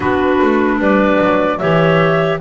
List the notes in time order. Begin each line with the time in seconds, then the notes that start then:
0.00 B3 D4 F#4 B4
0.42 A3
0.79 G3 B4 D5
1.21 F#3
1.58 E3 G4 C#5 E5